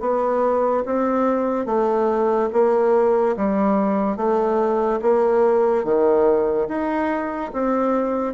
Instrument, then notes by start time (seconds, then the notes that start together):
bassoon
0.00 B3
0.85 C4
1.66 A3
2.52 A#3
3.37 G3
4.16 A3
5.02 A#3
5.84 D#3
6.68 D#4
7.53 C4